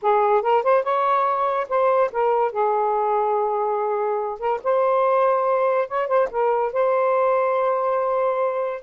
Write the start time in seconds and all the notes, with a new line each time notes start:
0.02 G#4
0.42 A#4
0.63 C5
0.83 C#5
1.68 C5
2.12 A#4
2.52 G#4
4.39 A#4
4.63 C5
5.88 C#5
6.07 C5
6.30 A#4
6.72 C5